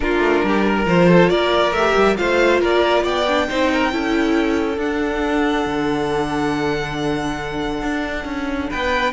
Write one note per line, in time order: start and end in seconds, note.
0.00 0.18 A#3
0.00 0.85 D4
0.00 0.45 F4
0.00 0.86 A#4
0.18 0.40 A3
0.43 0.85 G3
0.43 0.65 G4
0.65 1.08 A#4
0.85 1.29 F3
0.85 1.72 F4
0.85 1.29 C5
1.08 1.30 A4
1.29 1.72 A#3
1.29 2.17 A#4
1.29 1.72 D5
1.72 1.93 A3
1.72 2.16 G4
1.72 2.16 E5
1.95 2.17 G3
2.16 2.61 A3
2.16 3.24 F4
2.16 2.60 C5
2.16 2.60 F5
2.60 3.04 A#3
2.60 3.03 A#4
2.60 3.04 D5
3.03 3.47 B3
3.03 3.46 D5
3.03 4.78 G5
3.27 3.48 D4
3.48 3.92 C4
3.48 3.91 D#4
3.48 3.71 C5
3.72 3.93 A#4
3.91 4.77 C#4
3.91 4.78 E4
3.91 8.70 A4
4.77 5.64 D4
4.77 9.12 D4
4.77 8.70 F#5
5.65 7.82 D3
7.82 8.24 D4
8.24 8.68 C#4
8.70 9.12 B3
8.70 9.12 B4
8.70 9.12 G5